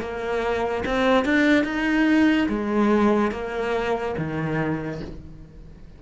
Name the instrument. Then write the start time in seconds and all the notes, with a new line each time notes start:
cello
0.00 A#3
0.85 C4
1.25 D4
1.64 D#4
2.48 G#3
3.31 A#3
4.17 D#3